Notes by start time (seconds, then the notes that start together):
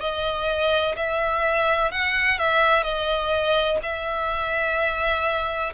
0.00 D#5
0.96 E5
1.91 F#5
2.38 E5
2.83 D#5
3.82 E5